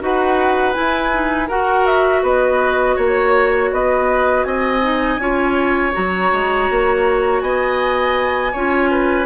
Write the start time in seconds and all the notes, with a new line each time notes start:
0.00 D#4 F#4 B4 F#5
0.74 E4 G#5
0.80 E4
1.12 D#4
1.48 F#4 A#4 F#5
1.87 E5
2.23 B3 B4 D#5
2.96 A#3 C#5
3.72 B3 B4 D#5
4.44 C4 D#5 G#5
4.82 D#4
5.18 C#4 F4 C#5
5.93 F#3 F#4 A#5
6.33 G#3
6.70 A#3
7.41 B3 D#5 G#5
8.53 C#4 F4 C#5
8.91 B4